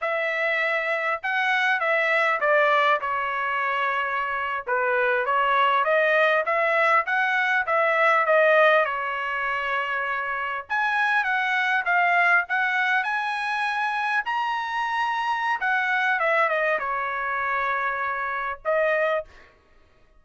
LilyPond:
\new Staff \with { instrumentName = "trumpet" } { \time 4/4 \tempo 4 = 100 e''2 fis''4 e''4 | d''4 cis''2~ cis''8. b'16~ | b'8. cis''4 dis''4 e''4 fis''16~ | fis''8. e''4 dis''4 cis''4~ cis''16~ |
cis''4.~ cis''16 gis''4 fis''4 f''16~ | f''8. fis''4 gis''2 ais''16~ | ais''2 fis''4 e''8 dis''8 | cis''2. dis''4 | }